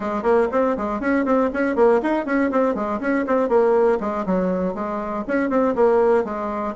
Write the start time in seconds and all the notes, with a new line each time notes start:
0.00 G#3
0.22 A#3
0.51 C4
0.77 G#3
1.00 C#4
1.25 C4
1.53 C#4
1.75 A#3
2.02 D#4
2.25 C#4
2.51 C4
2.75 G#3
3.00 C#4
3.27 C4
3.48 A#3
4.00 G#3
4.26 F#3
4.74 G#3
5.27 C#4
5.49 C4
5.75 A#3
6.24 G#3